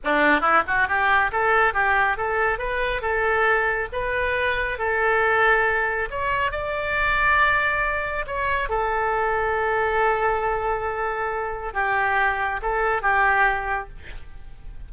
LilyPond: \new Staff \with { instrumentName = "oboe" } { \time 4/4 \tempo 4 = 138 d'4 e'8 fis'8 g'4 a'4 | g'4 a'4 b'4 a'4~ | a'4 b'2 a'4~ | a'2 cis''4 d''4~ |
d''2. cis''4 | a'1~ | a'2. g'4~ | g'4 a'4 g'2 | }